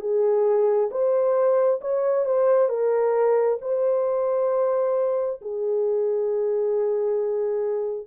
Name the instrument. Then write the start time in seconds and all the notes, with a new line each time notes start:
horn
0.00 G#4
0.91 C5
1.81 C#5
2.25 C5
2.69 A#4
3.61 C5
5.41 G#4